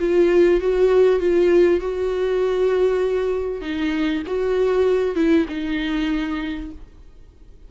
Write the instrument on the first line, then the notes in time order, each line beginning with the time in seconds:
viola
0.00 F4
0.61 F#4
1.20 F4
1.80 F#4
3.62 D#4
4.27 F#4
5.15 E4
5.49 D#4